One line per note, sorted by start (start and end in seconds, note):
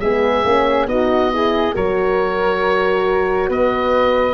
0.00 0.44 G#3
0.00 0.45 B3
0.00 0.88 G#4
0.00 0.87 E5
0.45 0.87 A#3
0.45 0.87 C#4
0.87 1.74 B3
0.87 1.31 D#4
0.87 1.31 F#4
0.87 1.75 D#5
1.31 1.73 E4
1.31 1.75 G#4
1.73 3.49 F#3
1.73 4.34 F#4
1.73 3.49 A#4
1.73 3.50 C#5
3.49 4.34 B3
3.49 4.34 B4
3.49 4.34 D#5